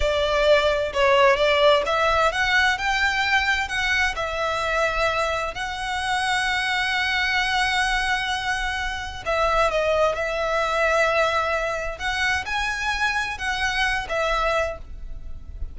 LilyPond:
\new Staff \with { instrumentName = "violin" } { \time 4/4 \tempo 4 = 130 d''2 cis''4 d''4 | e''4 fis''4 g''2 | fis''4 e''2. | fis''1~ |
fis''1 | e''4 dis''4 e''2~ | e''2 fis''4 gis''4~ | gis''4 fis''4. e''4. | }